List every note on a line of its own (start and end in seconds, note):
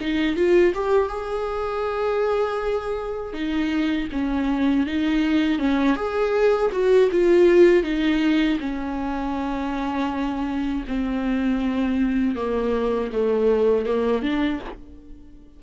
0.00 0.35 D#4
0.35 0.73 F4
0.74 1.08 G4
1.08 3.33 G#4
3.33 4.08 D#4
4.12 4.86 C#4
4.86 5.58 D#4
5.58 5.96 C#4
5.96 6.71 G#4
6.72 7.09 F#4
7.11 7.83 F4
7.83 8.58 D#4
8.59 10.84 C#4
10.87 12.35 C4
12.35 13.10 A#3
13.12 13.85 A3
13.85 14.22 A#3
14.22 14.59 D4